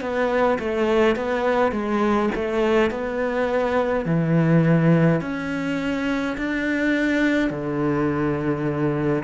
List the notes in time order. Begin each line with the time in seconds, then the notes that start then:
0.00 B3
0.58 A3
1.15 B3
1.72 G#3
2.34 A3
2.90 B3
4.05 E3
5.21 C#4
6.37 D4
7.50 D3